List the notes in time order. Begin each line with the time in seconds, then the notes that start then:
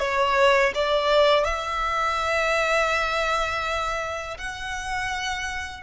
0.00 C#5
0.75 D5
1.45 E5
4.38 F#5